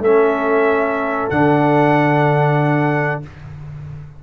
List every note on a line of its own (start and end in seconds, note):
0.00 1.28 A3
0.00 1.32 C#4
0.00 3.21 A4
0.00 1.30 E5
1.30 3.23 D3
1.30 3.23 D4
1.30 3.22 F#5